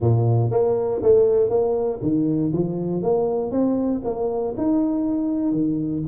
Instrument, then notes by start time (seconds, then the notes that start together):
tuba
0.00 A#2
0.50 A#3
1.02 A3
1.49 A#3
2.01 D#3
2.52 F3
3.02 A#3
3.51 C4
4.04 A#3
4.57 D#4
5.52 D#3